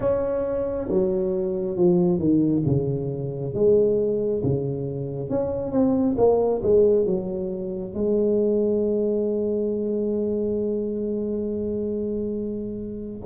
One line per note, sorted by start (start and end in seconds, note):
0.00 0.88 C#4
0.89 1.76 F#3
1.76 2.18 F3
2.18 2.62 D#3
2.65 3.53 C#3
3.54 4.42 G#3
4.43 5.29 C#3
5.29 5.72 C#4
5.72 6.15 C4
6.17 6.61 A#3
6.62 7.05 G#3
7.05 7.94 F#3
7.94 13.23 G#3